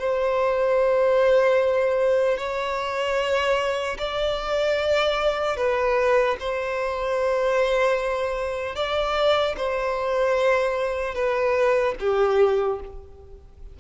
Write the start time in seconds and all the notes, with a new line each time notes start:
0.00 C5
2.38 C#5
3.99 D5
5.57 B4
6.40 C5
8.76 D5
9.57 C5
11.15 B4
12.00 G4